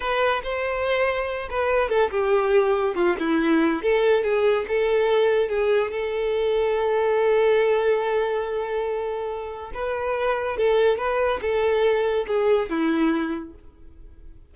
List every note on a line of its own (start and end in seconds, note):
0.00 0.41 B4
0.43 1.48 C5
1.50 1.89 B4
1.89 2.10 A4
2.10 2.95 G4
2.95 3.16 F4
3.19 3.82 E4
3.82 4.23 A4
4.23 4.65 G#4
4.67 5.49 A4
5.49 5.91 G#4
5.91 9.71 A4
9.73 10.57 B4
10.57 10.97 A4
10.97 11.40 B4
11.41 12.26 A4
12.27 12.69 G#4
12.69 13.54 E4